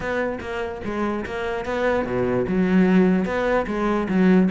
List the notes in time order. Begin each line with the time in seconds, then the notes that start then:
0.00 B3
0.40 A#3
0.84 G#3
1.25 A#3
1.65 B3
2.05 B2
2.47 F#3
3.25 B3
3.66 G#3
4.08 F#3